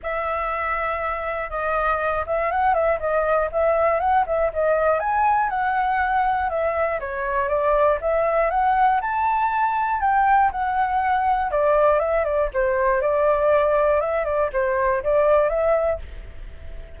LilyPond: \new Staff \with { instrumentName = "flute" } { \time 4/4 \tempo 4 = 120 e''2. dis''4~ | dis''8 e''8 fis''8 e''8 dis''4 e''4 | fis''8 e''8 dis''4 gis''4 fis''4~ | fis''4 e''4 cis''4 d''4 |
e''4 fis''4 a''2 | g''4 fis''2 d''4 | e''8 d''8 c''4 d''2 | e''8 d''8 c''4 d''4 e''4 | }